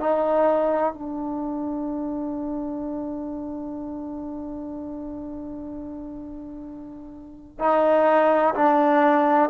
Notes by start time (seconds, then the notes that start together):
0.00 D#4
0.93 D4
7.59 D#4
8.55 D4